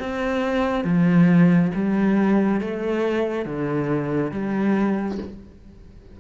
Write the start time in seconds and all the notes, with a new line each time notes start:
0.00 C4
0.85 F3
1.75 G3
2.60 A3
3.45 D3
4.32 G3